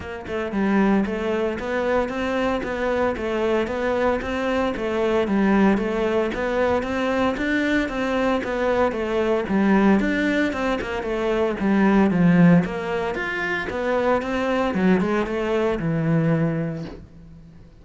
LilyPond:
\new Staff \with { instrumentName = "cello" } { \time 4/4 \tempo 4 = 114 ais8 a8 g4 a4 b4 | c'4 b4 a4 b4 | c'4 a4 g4 a4 | b4 c'4 d'4 c'4 |
b4 a4 g4 d'4 | c'8 ais8 a4 g4 f4 | ais4 f'4 b4 c'4 | fis8 gis8 a4 e2 | }